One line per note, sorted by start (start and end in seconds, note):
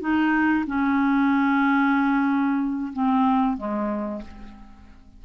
0.00 0.65 D#4
0.66 2.92 C#4
2.92 3.57 C4
3.57 4.21 G#3